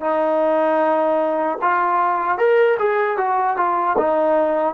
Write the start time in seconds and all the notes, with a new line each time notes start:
0.00 D#4
1.61 F4
2.38 A#4
2.79 G#4
3.17 F#4
3.57 F4
3.98 D#4